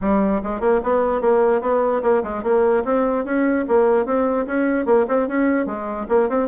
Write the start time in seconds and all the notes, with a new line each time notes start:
0.01 G3
0.43 G#3
0.60 A#3
0.83 B3
1.21 A#3
1.61 B3
2.02 A#3
2.23 G#3
2.43 A#3
2.84 C4
3.24 C#4
3.68 A#3
4.05 C4
4.46 C#4
4.85 A#3
5.07 C4
5.28 C#4
5.66 G#3
6.08 A#3
6.29 C4